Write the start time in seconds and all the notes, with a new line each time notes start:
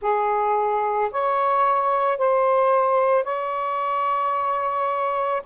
0.01 G#4
1.11 C#5
2.18 C5
3.24 C#5